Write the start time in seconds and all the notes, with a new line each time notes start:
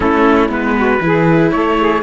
0.00 A3 C#4 E4 A4
0.48 G#3 B3 B4
0.77 F#4
1.00 E3 E4 G#4
1.51 A3 A4 C#5
1.80 G#4